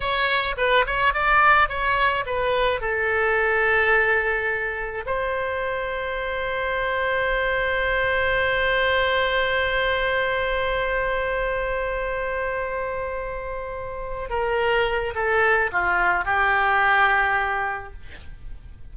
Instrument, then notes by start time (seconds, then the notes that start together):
oboe
0.00 C#5
0.57 B4
0.86 C#5
1.13 D5
1.68 C#5
2.26 B4
2.80 A4
5.06 C5
14.29 A#4
15.15 A4
15.72 F4
16.25 G4